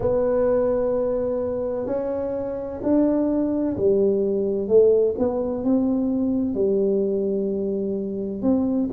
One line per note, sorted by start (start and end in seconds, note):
0.00 1.86 B3
1.86 2.80 C#4
2.83 3.76 D4
3.77 4.67 G3
4.67 5.14 A3
5.18 5.63 B3
5.63 6.54 C4
6.54 8.42 G3
8.42 8.88 C4